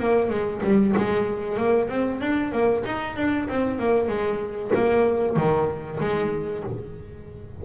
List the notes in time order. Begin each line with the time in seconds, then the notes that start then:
0.00 A#3
0.30 G#3
0.64 G3
0.98 G#3
1.58 A#3
1.89 C4
2.21 D4
2.53 A#3
2.86 D#4
3.17 D4
3.49 C4
3.80 A#3
4.09 G#3
4.75 A#3
5.37 D#3
6.01 G#3